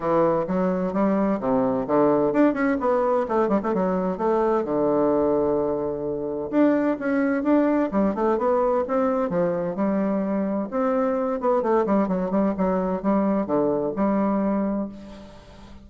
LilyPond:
\new Staff \with { instrumentName = "bassoon" } { \time 4/4 \tempo 4 = 129 e4 fis4 g4 c4 | d4 d'8 cis'8 b4 a8 g16 a16 | fis4 a4 d2~ | d2 d'4 cis'4 |
d'4 g8 a8 b4 c'4 | f4 g2 c'4~ | c'8 b8 a8 g8 fis8 g8 fis4 | g4 d4 g2 | }